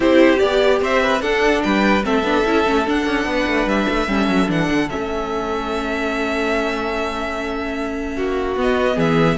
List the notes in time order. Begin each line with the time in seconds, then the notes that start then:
0.00 C4 E4 G4 C5
0.37 B3 G4 D5
0.81 C4 C5 E5
1.02 B4
1.21 D4 A4 F#5
1.62 G3 B4 G5
2.03 A3 C4 A4 E5
2.23 B3 D4
2.45 C#4 E4
2.65 A3 C#4
2.86 D4 F#5
3.05 C#4
3.25 B3 B4
3.46 A3
3.66 G3 E5
3.88 A3
4.07 G3 C#4 A4
4.27 F#3
4.46 E3 D4 F#5
4.70 D3
4.89 A3 C#4 E5
8.16 A#3 F#4
8.56 B3 D#5
8.95 E3 G#4 E5